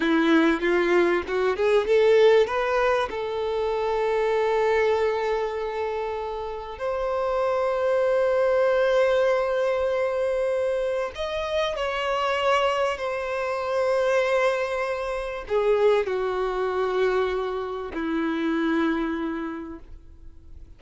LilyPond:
\new Staff \with { instrumentName = "violin" } { \time 4/4 \tempo 4 = 97 e'4 f'4 fis'8 gis'8 a'4 | b'4 a'2.~ | a'2. c''4~ | c''1~ |
c''2 dis''4 cis''4~ | cis''4 c''2.~ | c''4 gis'4 fis'2~ | fis'4 e'2. | }